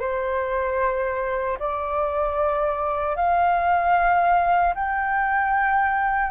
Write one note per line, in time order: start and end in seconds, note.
0.00 1.58 C5
1.59 3.16 D5
3.16 4.74 F5
4.75 6.31 G5